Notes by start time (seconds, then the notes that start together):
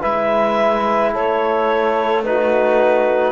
0.00 G#3 E4 B4 E5
1.12 A3 A4 C#5
2.24 D#4 F#4 B4